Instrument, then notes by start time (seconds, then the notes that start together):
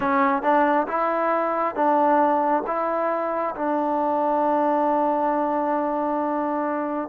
trombone
0.00 C#4
0.42 D4
0.87 E4
1.74 D4
2.66 E4
3.55 D4